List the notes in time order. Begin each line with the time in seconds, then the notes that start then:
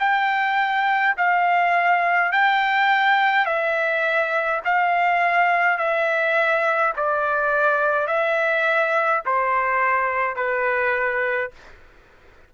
0.00 G5
1.17 F5
2.32 G5
3.46 E5
4.65 F5
5.78 E5
6.97 D5
8.07 E5
9.26 C5
10.36 B4